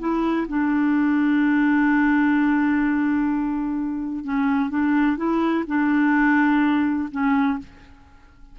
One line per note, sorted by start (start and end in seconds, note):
0.00 0.47 E4
0.49 4.25 D4
4.25 4.70 C#4
4.70 5.17 D4
5.18 5.65 E4
5.68 7.09 D4
7.12 7.59 C#4